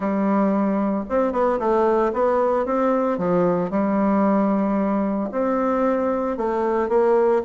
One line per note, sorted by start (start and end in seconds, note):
0.00 1.04 G3
1.09 1.32 C4
1.32 1.59 B3
1.59 2.12 A3
2.13 2.65 B3
2.65 3.17 C4
3.17 3.70 F3
3.70 5.30 G3
5.31 6.37 C4
6.37 6.88 A3
6.88 7.41 A#3